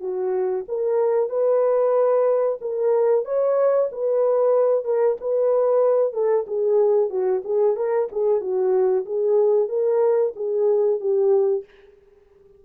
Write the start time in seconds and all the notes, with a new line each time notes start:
0.00 F#4
0.68 A#4
1.30 B4
2.61 A#4
3.25 C#5
3.91 B4
4.85 A#4
5.21 B4
6.13 A4
6.47 G#4
7.10 F#4
7.44 G#4
7.76 A#4
8.12 G#4
8.41 F#4
9.06 G#4
9.69 A#4
10.36 G#4
11.00 G4